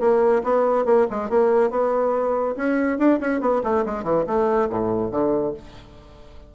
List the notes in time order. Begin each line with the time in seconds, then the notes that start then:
0.00 A#3
0.44 B3
0.85 A#3
1.10 G#3
1.30 A#3
1.71 B3
2.56 C#4
2.98 D4
3.20 C#4
3.41 B3
3.64 A3
3.86 G#3
4.03 E3
4.27 A3
4.70 A2
5.11 D3